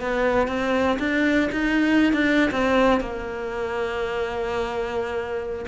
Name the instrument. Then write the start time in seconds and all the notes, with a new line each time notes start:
cello
0.00 B3
0.47 C4
0.99 D4
1.52 D#4
2.12 D4
2.51 C4
3.00 A#3